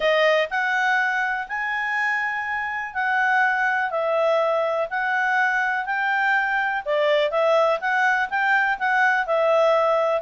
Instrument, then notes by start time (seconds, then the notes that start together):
clarinet
0.00 D#5
0.50 F#5
1.48 G#5
2.94 F#5
3.90 E5
4.90 F#5
5.85 G5
6.85 D5
7.30 E5
7.80 F#5
8.29 G5
8.78 F#5
9.26 E5